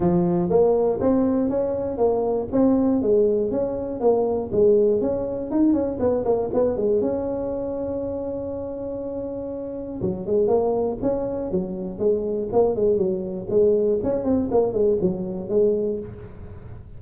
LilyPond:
\new Staff \with { instrumentName = "tuba" } { \time 4/4 \tempo 4 = 120 f4 ais4 c'4 cis'4 | ais4 c'4 gis4 cis'4 | ais4 gis4 cis'4 dis'8 cis'8 | b8 ais8 b8 gis8 cis'2~ |
cis'1 | fis8 gis8 ais4 cis'4 fis4 | gis4 ais8 gis8 fis4 gis4 | cis'8 c'8 ais8 gis8 fis4 gis4 | }